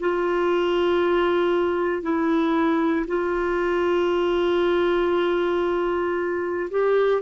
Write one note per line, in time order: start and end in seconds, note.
0.00 2.03 F4
2.03 3.06 E4
3.08 6.70 F4
6.71 7.22 G4